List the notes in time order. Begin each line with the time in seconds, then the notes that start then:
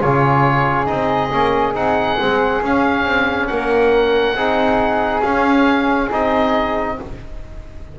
0.00 C#3 F4 G#4 C#5
0.86 C4 D#4 D#5
1.32 A#3 C#4
1.74 C4 D#4 F#5
2.19 G#3 C4
2.62 C#4 F5
3.05 C4
3.47 A#3 A#4 F#5
4.35 C4 D#4 G#4
5.22 C#4 F5
6.11 C4 D#4 D#5